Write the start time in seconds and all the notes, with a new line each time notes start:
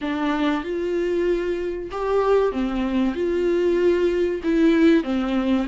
0.01 D4
0.63 F4
1.91 G4
2.52 C4
3.14 F4
4.43 E4
5.03 C4